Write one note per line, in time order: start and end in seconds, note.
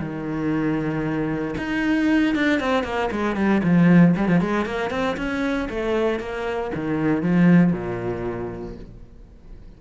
0.00 1.55 D#3
1.58 2.36 D#4
2.36 2.60 D4
2.60 2.84 C4
2.84 3.10 A#3
3.12 3.36 G#3
3.36 3.62 G3
3.64 4.16 F3
4.17 4.28 G3
4.28 4.41 F3
4.41 4.66 G#3
4.66 4.91 A#3
4.91 5.17 C4
5.17 5.69 C#4
5.70 6.20 A3
6.20 6.72 A#3
6.75 7.23 D#3
7.23 7.73 F3
7.73 8.76 A#2